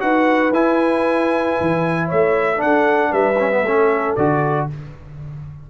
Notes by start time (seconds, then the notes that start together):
0.00 D#4 F#4 B4 F#5
0.52 E4 G#5
1.61 E3
2.07 A3 C#5 E5
2.57 D4 F#5
2.63 D4 A4
3.11 G3 B4 E5
3.39 C#4
3.51 B3
3.62 A3 C#4 A4
4.16 D3 F#4 D5